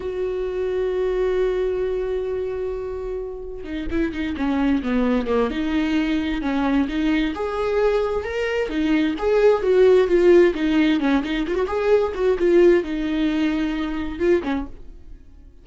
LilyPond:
\new Staff \with { instrumentName = "viola" } { \time 4/4 \tempo 4 = 131 fis'1~ | fis'1 | dis'8 e'8 dis'8 cis'4 b4 ais8 | dis'2 cis'4 dis'4 |
gis'2 ais'4 dis'4 | gis'4 fis'4 f'4 dis'4 | cis'8 dis'8 f'16 fis'16 gis'4 fis'8 f'4 | dis'2. f'8 cis'8 | }